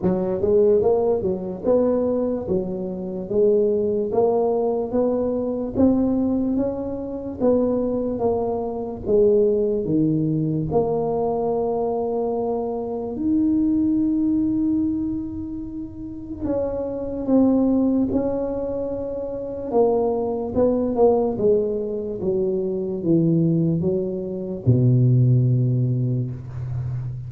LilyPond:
\new Staff \with { instrumentName = "tuba" } { \time 4/4 \tempo 4 = 73 fis8 gis8 ais8 fis8 b4 fis4 | gis4 ais4 b4 c'4 | cis'4 b4 ais4 gis4 | dis4 ais2. |
dis'1 | cis'4 c'4 cis'2 | ais4 b8 ais8 gis4 fis4 | e4 fis4 b,2 | }